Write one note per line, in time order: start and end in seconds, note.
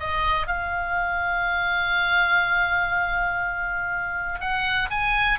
0.00 0.47 D#5
0.47 4.40 F5
4.40 4.90 F#5
4.90 5.39 G#5